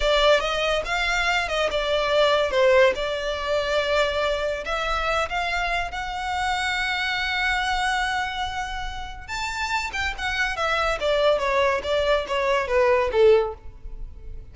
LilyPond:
\new Staff \with { instrumentName = "violin" } { \time 4/4 \tempo 4 = 142 d''4 dis''4 f''4. dis''8 | d''2 c''4 d''4~ | d''2. e''4~ | e''8 f''4. fis''2~ |
fis''1~ | fis''2 a''4. g''8 | fis''4 e''4 d''4 cis''4 | d''4 cis''4 b'4 a'4 | }